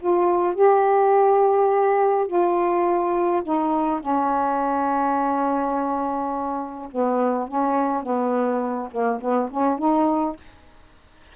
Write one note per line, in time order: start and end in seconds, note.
0.00 0.55 F4
0.55 2.27 G4
2.27 3.43 F4
3.43 4.01 D#4
4.01 6.89 C#4
6.92 7.48 B3
7.48 8.03 C#4
8.03 8.90 B3
8.92 9.20 A#3
9.21 9.50 B3
9.51 9.79 C#4
9.79 10.37 D#4